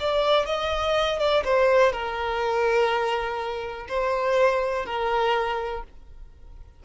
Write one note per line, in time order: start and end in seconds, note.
0.00 0.46 D5
0.46 1.19 D#5
1.19 1.44 D5
1.45 1.92 C5
1.92 3.88 A#4
3.89 4.86 C5
4.86 5.83 A#4